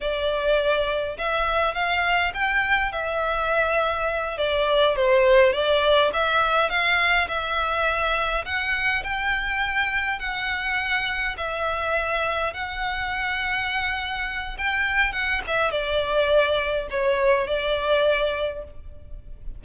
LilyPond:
\new Staff \with { instrumentName = "violin" } { \time 4/4 \tempo 4 = 103 d''2 e''4 f''4 | g''4 e''2~ e''8 d''8~ | d''8 c''4 d''4 e''4 f''8~ | f''8 e''2 fis''4 g''8~ |
g''4. fis''2 e''8~ | e''4. fis''2~ fis''8~ | fis''4 g''4 fis''8 e''8 d''4~ | d''4 cis''4 d''2 | }